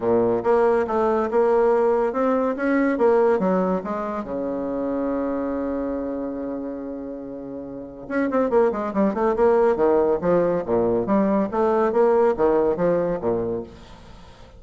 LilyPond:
\new Staff \with { instrumentName = "bassoon" } { \time 4/4 \tempo 4 = 141 ais,4 ais4 a4 ais4~ | ais4 c'4 cis'4 ais4 | fis4 gis4 cis2~ | cis1~ |
cis2. cis'8 c'8 | ais8 gis8 g8 a8 ais4 dis4 | f4 ais,4 g4 a4 | ais4 dis4 f4 ais,4 | }